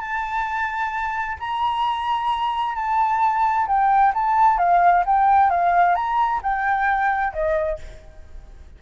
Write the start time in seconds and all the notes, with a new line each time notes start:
0.00 A5
1.40 A#5
2.75 A5
3.67 G5
4.14 A5
4.58 F5
5.05 G5
5.50 F5
5.95 A#5
6.43 G5
7.33 D#5